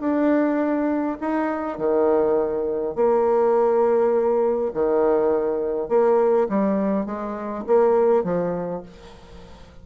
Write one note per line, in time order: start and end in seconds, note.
0.00 1.18 D4
1.20 1.78 D#4
1.78 2.95 D#3
2.95 4.72 A#3
4.73 5.88 D#3
5.88 6.47 A#3
6.49 7.05 G3
7.05 7.64 G#3
7.66 8.23 A#3
8.23 8.82 F3